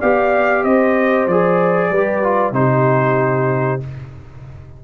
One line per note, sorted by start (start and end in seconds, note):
0.00 0.64 B3
0.00 1.30 G4
0.00 0.63 D5
0.00 0.64 F5
0.63 1.27 C4
0.63 1.90 C5
0.63 1.27 D#5
1.27 1.91 F3
1.27 1.95 G#4
1.27 2.54 D5
1.91 2.52 G3
1.91 2.23 G4
1.91 2.55 B4
2.23 2.53 F4
2.52 3.79 C3
2.52 3.80 D#4
2.52 3.84 G4
2.52 3.82 C5